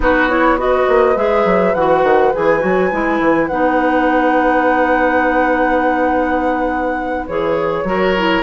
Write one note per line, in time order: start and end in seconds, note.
0.00 0.86 B3
0.00 0.29 D#4
0.00 0.59 F#4
0.00 0.29 B4
0.29 0.58 E4
0.29 0.58 C#5
0.58 1.15 F#4
0.58 7.87 B4
0.58 1.17 D#5
0.88 1.16 A#3
1.15 1.44 G#3
1.15 1.73 G#4
1.15 1.74 E5
1.44 1.74 F#3
1.74 2.03 E3
1.74 2.33 F#4
1.74 2.32 F#5
2.03 2.32 D#3
2.33 2.63 E3
2.33 2.60 G#4
2.33 3.47 G#5
2.60 2.92 F#3
2.60 2.89 F#4
2.91 3.19 G#3
2.91 3.50 E4
3.19 3.48 E3
3.47 7.28 B3
3.47 7.28 D#4
3.47 7.25 F#5
7.26 7.83 E3
7.26 7.85 G#4
7.26 8.42 C#5
7.83 8.42 F#3
7.83 8.14 F#4
7.83 8.42 A#4
8.17 8.42 E4